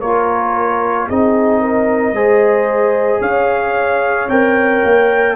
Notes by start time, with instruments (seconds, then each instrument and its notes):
0.00 tuba A#3, trombone F4, horn A#4, trumpet C#5
1.08 tuba C4, trombone D#4, horn G#4, trumpet D#5
1.61 horn A#4
2.13 tuba G#3, trombone G#4, horn C5
3.21 tuba C#4, horn C#5, trumpet F5
4.29 tuba C4, trombone A#4, trumpet G5
4.84 tuba A#3